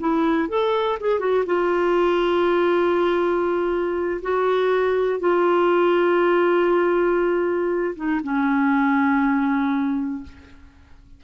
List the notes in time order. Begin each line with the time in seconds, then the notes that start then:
0.00 E4
0.49 A4
1.00 G#4
1.20 F#4
1.46 F4
4.22 F#4
5.20 F4
7.96 D#4
8.24 C#4